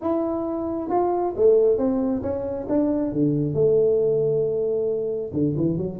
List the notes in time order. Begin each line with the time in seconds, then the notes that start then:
0.01 E4
0.89 F4
1.36 A3
1.77 C4
2.22 C#4
2.68 D4
3.12 D3
3.53 A3
5.33 D3
5.57 E3
5.77 F#3